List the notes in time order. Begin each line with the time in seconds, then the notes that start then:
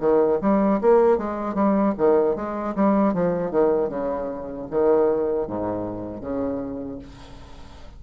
0.00 D#3
0.41 G3
0.81 A#3
1.17 G#3
1.54 G3
1.97 D#3
2.35 G#3
2.75 G3
3.13 F3
3.50 D#3
3.89 C#3
4.70 D#3
5.47 G#2
6.21 C#3